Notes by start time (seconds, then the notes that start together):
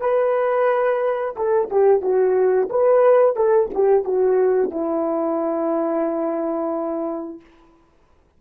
0.00 B4
1.35 A4
1.70 G4
2.01 F#4
2.69 B4
3.36 A4
3.74 G4
4.04 F#4
4.70 E4